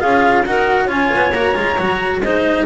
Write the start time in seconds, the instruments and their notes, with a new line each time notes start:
0.00 double bass C#4, cello F4, clarinet G#4, flute F5
0.45 double bass D#4, cello F#4, clarinet A#4, flute F#5
0.86 double bass C#4, cello F4, clarinet C#5, flute G#5
1.15 double bass B3
1.31 double bass A#3, cello F#4, flute A#5
1.55 double bass G#3, cello F4
1.78 double bass F#3, cello F#4
2.20 double bass G#3, cello D#4, clarinet C5, flute D#5